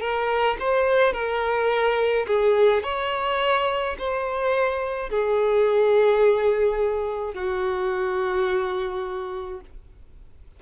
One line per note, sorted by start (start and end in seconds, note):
0.00 0.57 A#4
0.59 1.13 C5
1.13 2.26 A#4
2.26 2.83 G#4
2.83 3.96 C#5
3.98 5.09 C5
5.09 7.34 G#4
7.34 9.60 F#4